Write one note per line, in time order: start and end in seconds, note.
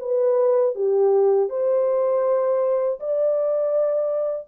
0.00 0.75 B4
0.75 1.50 G4
1.50 3.00 C5
3.00 4.48 D5